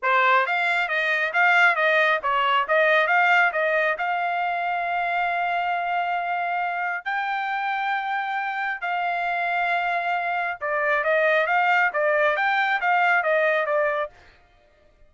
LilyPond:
\new Staff \with { instrumentName = "trumpet" } { \time 4/4 \tempo 4 = 136 c''4 f''4 dis''4 f''4 | dis''4 cis''4 dis''4 f''4 | dis''4 f''2.~ | f''1 |
g''1 | f''1 | d''4 dis''4 f''4 d''4 | g''4 f''4 dis''4 d''4 | }